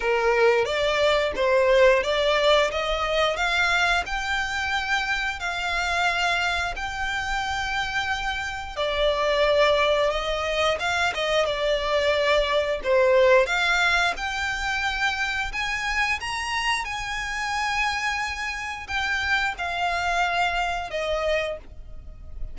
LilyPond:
\new Staff \with { instrumentName = "violin" } { \time 4/4 \tempo 4 = 89 ais'4 d''4 c''4 d''4 | dis''4 f''4 g''2 | f''2 g''2~ | g''4 d''2 dis''4 |
f''8 dis''8 d''2 c''4 | f''4 g''2 gis''4 | ais''4 gis''2. | g''4 f''2 dis''4 | }